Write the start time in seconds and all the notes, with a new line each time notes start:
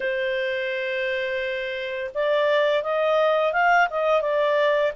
0.00 C5
2.14 D5
2.83 D#5
3.52 F5
3.90 D#5
4.21 D5